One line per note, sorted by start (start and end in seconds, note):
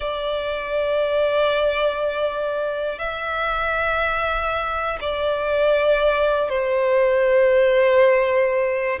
0.00 2.99 D5
2.99 4.99 E5
5.00 6.49 D5
6.49 8.99 C5